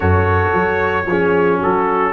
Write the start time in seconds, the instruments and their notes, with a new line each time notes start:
0.00 tuba F#2, trombone F#4, horn A4, trumpet C#5
0.53 tuba F#3
1.06 tuba F3, trombone C#4, horn G#4
1.58 tuba F#3, horn F#4, trumpet A4